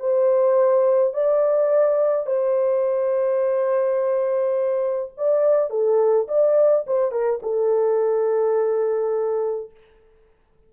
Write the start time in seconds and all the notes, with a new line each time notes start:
0.00 C5
1.14 D5
2.27 C5
5.18 D5
5.71 A4
6.29 D5
6.87 C5
7.12 A#4
7.43 A4